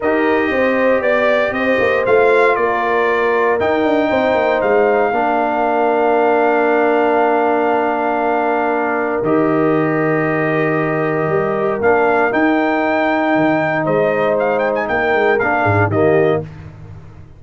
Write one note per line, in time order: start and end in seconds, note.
0.00 0.50 D#4
0.00 2.07 G4
0.00 0.50 A#4
0.00 1.02 D#5
0.50 1.00 C4
0.50 1.02 C5
1.00 1.51 B3
1.00 1.53 D5
1.51 1.77 C4
1.51 2.58 C5
1.51 2.04 D#5
1.79 2.04 A#3
2.06 2.57 A3
2.06 3.59 F4
2.06 2.55 F5
2.55 3.59 A#3
2.55 4.09 A#4
2.55 3.58 D5
3.59 5.13 D#4
3.59 3.84 D#4
3.59 4.61 G5
3.84 4.09 D4
4.09 4.34 C4
4.09 5.11 C5
4.34 4.60 A#3
4.61 5.11 G#3
4.61 9.22 F5
5.11 9.21 A#3
5.11 9.23 D4
5.11 13.83 A#4
9.22 11.27 D#3
9.22 11.81 G4
9.22 11.80 D#5
11.27 11.78 G3
11.80 12.31 A#3
11.80 12.31 D4
11.80 12.33 F5
12.31 15.38 D#4
12.31 13.35 D#4
12.31 13.85 G5
13.35 13.86 D#3
13.83 14.88 G#3
13.83 14.86 C5
13.83 14.36 D#5
14.39 14.58 F5
14.58 14.71 G5
14.75 14.87 G#5
14.87 15.14 A#3
14.87 15.62 A#4
14.87 15.39 G5
15.14 15.40 G#3
15.39 15.65 A#3
15.39 15.91 D4
15.39 15.90 F5
15.62 15.87 G#2
15.62 15.88 G#4
15.87 16.38 D#3
15.87 16.43 A#3
15.87 16.40 G4
15.87 16.42 D#5